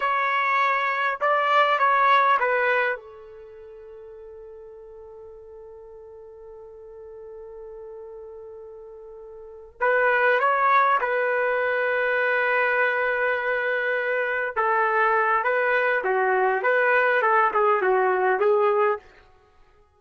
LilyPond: \new Staff \with { instrumentName = "trumpet" } { \time 4/4 \tempo 4 = 101 cis''2 d''4 cis''4 | b'4 a'2.~ | a'1~ | a'1~ |
a'8 b'4 cis''4 b'4.~ | b'1~ | b'8 a'4. b'4 fis'4 | b'4 a'8 gis'8 fis'4 gis'4 | }